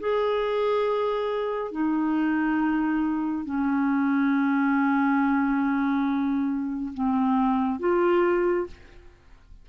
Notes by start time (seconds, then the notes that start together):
0.00 G#4
1.72 D#4
3.45 C#4
6.94 C4
7.79 F4